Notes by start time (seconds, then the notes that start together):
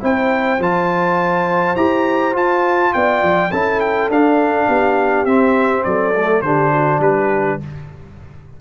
0.00 C4 E4 C5 G5
0.59 F3 F4 A5
1.76 E4 G4 A#5
2.33 F4 A5
2.93 B3 D5 G5
3.23 F3
3.51 C#4 E4 A4 A5
3.80 G5
4.09 D4 F5
4.67 B3 G4
5.25 C4 E5
5.84 F#3 A4 D5
6.15 A3
6.42 D3 D4 G4 C5
6.71 F#4
6.99 G3 G4 B4